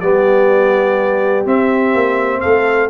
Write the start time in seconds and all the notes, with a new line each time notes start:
0.00 G3 B3 G4 D5
1.45 C4 E5
1.94 A#3
2.41 A3 A4 F5